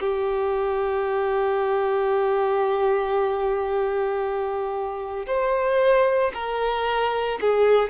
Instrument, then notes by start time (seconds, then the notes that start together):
violin
0.00 G4
5.26 C5
6.33 A#4
7.41 G#4